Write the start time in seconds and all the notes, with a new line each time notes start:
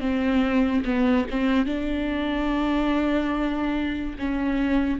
0.00 C4
0.85 B3
1.30 C4
1.66 D4
4.19 C#4